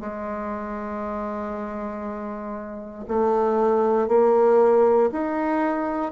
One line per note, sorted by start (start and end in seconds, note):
0.00 3.05 G#3
3.08 4.09 A3
4.09 5.10 A#3
5.12 6.12 D#4